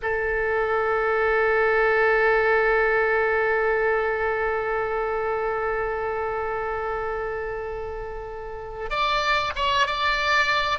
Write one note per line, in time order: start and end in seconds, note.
0.02 8.90 A4
8.90 9.52 D5
9.55 9.86 C#5
9.87 10.78 D5